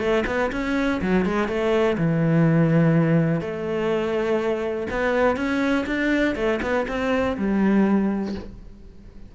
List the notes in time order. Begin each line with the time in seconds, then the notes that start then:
0.00 A3
0.27 B3
0.52 C#4
1.02 F#3
1.26 G#3
1.49 A3
1.98 E3
3.41 A3
4.91 B3
5.37 C#4
5.87 D4
6.36 A3
6.62 B3
6.88 C4
7.37 G3